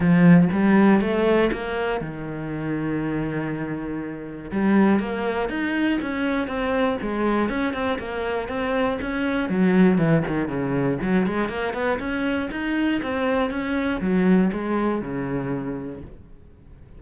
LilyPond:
\new Staff \with { instrumentName = "cello" } { \time 4/4 \tempo 4 = 120 f4 g4 a4 ais4 | dis1~ | dis4 g4 ais4 dis'4 | cis'4 c'4 gis4 cis'8 c'8 |
ais4 c'4 cis'4 fis4 | e8 dis8 cis4 fis8 gis8 ais8 b8 | cis'4 dis'4 c'4 cis'4 | fis4 gis4 cis2 | }